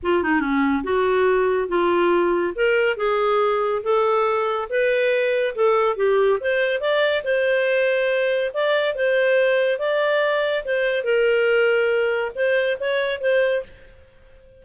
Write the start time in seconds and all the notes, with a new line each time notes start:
0.03 F4
0.23 D#4
0.40 C#4
0.83 F#4
1.68 F4
2.55 A#4
2.97 G#4
3.83 A4
4.69 B4
5.55 A4
5.96 G4
6.40 C5
6.80 D5
7.23 C5
8.53 D5
8.95 C5
9.79 D5
10.64 C5
11.03 A#4
12.35 C5
12.80 C#5
13.20 C5